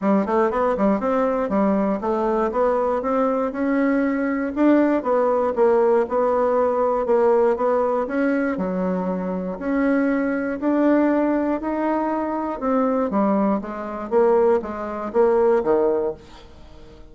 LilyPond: \new Staff \with { instrumentName = "bassoon" } { \time 4/4 \tempo 4 = 119 g8 a8 b8 g8 c'4 g4 | a4 b4 c'4 cis'4~ | cis'4 d'4 b4 ais4 | b2 ais4 b4 |
cis'4 fis2 cis'4~ | cis'4 d'2 dis'4~ | dis'4 c'4 g4 gis4 | ais4 gis4 ais4 dis4 | }